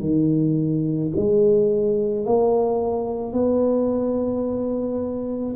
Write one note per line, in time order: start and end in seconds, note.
0.00 1.11 D#3
1.16 2.26 G#3
2.26 3.33 A#3
3.33 5.55 B3